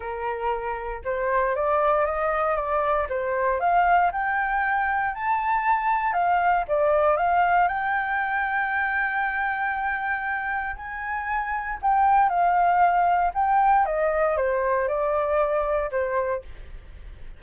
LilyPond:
\new Staff \with { instrumentName = "flute" } { \time 4/4 \tempo 4 = 117 ais'2 c''4 d''4 | dis''4 d''4 c''4 f''4 | g''2 a''2 | f''4 d''4 f''4 g''4~ |
g''1~ | g''4 gis''2 g''4 | f''2 g''4 dis''4 | c''4 d''2 c''4 | }